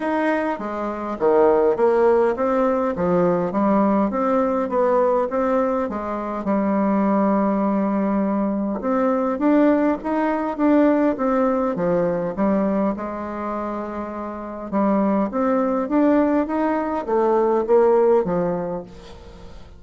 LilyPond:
\new Staff \with { instrumentName = "bassoon" } { \time 4/4 \tempo 4 = 102 dis'4 gis4 dis4 ais4 | c'4 f4 g4 c'4 | b4 c'4 gis4 g4~ | g2. c'4 |
d'4 dis'4 d'4 c'4 | f4 g4 gis2~ | gis4 g4 c'4 d'4 | dis'4 a4 ais4 f4 | }